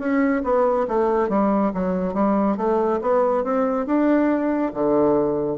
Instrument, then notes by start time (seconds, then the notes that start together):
bassoon
0.00 C#4
0.44 B3
0.88 A3
1.29 G3
1.75 F#3
2.14 G3
2.57 A3
3.02 B3
3.44 C4
3.87 D4
4.75 D3